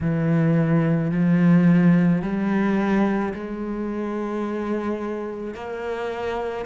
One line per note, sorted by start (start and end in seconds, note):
0.00 1.11 E3
1.11 2.22 F3
2.22 3.33 G3
3.33 5.54 G#3
5.54 6.65 A#3